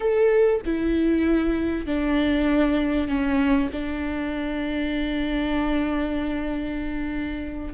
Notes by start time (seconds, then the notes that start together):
0.00 A4
0.65 E4
1.86 D4
3.08 C#4
3.71 D4